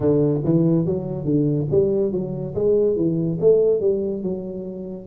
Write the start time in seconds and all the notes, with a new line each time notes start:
0.00 D3
0.44 E3
0.85 F#3
1.24 D3
1.70 G3
2.12 F#3
2.55 G#3
2.96 E3
3.40 A3
3.80 G3
4.23 F#3